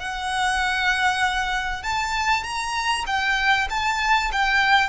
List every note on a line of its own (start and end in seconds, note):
0.00 1.83 F#5
1.83 2.44 A5
2.44 3.05 A#5
3.07 3.68 G5
3.70 4.31 A5
4.32 4.89 G5